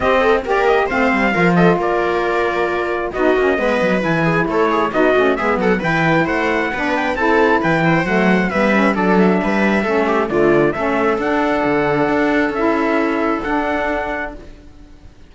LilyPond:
<<
  \new Staff \with { instrumentName = "trumpet" } { \time 4/4 \tempo 4 = 134 dis''4 d''8 dis''8 f''4. dis''8 | d''2. dis''4~ | dis''4 gis''4 cis''4 dis''4 | e''8 fis''8 g''4 fis''4. g''8 |
a''4 g''4 fis''4 e''4 | d''8 e''2~ e''8 d''4 | e''4 fis''2. | e''2 fis''2 | }
  \new Staff \with { instrumentName = "viola" } { \time 4/4 g'8 a'8 ais'4 c''4 ais'8 a'8 | ais'2. fis'4 | b'4. gis'8 a'8 gis'8 fis'4 | gis'8 a'8 b'4 c''4 b'4 |
a'4 b'8 c''4. b'4 | a'4 b'4 a'8 g'8 f'4 | a'1~ | a'1 | }
  \new Staff \with { instrumentName = "saxophone" } { \time 4/4 c'4 g'4 c'4 f'4~ | f'2. dis'8 cis'8 | b4 e'2 dis'8 cis'8 | b4 e'2 d'4 |
e'2 a4 b8 cis'8 | d'2 cis'4 a4 | cis'4 d'2. | e'2 d'2 | }
  \new Staff \with { instrumentName = "cello" } { \time 4/4 c'4 ais4 a8 g8 f4 | ais2. b8 ais8 | gis8 fis8 e4 a4 b8 a8 | gis8 fis8 e4 a4 b4 |
c'4 e4 fis4 g4 | fis4 g4 a4 d4 | a4 d'4 d4 d'4 | cis'2 d'2 | }
>>